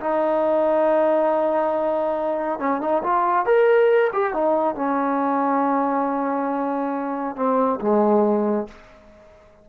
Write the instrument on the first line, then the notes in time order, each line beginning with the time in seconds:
trombone
0.00 D#4
2.59 C#4
2.81 D#4
3.03 F4
3.45 A#4
4.13 G4
4.33 D#4
4.75 C#4
7.36 C4
7.81 G#3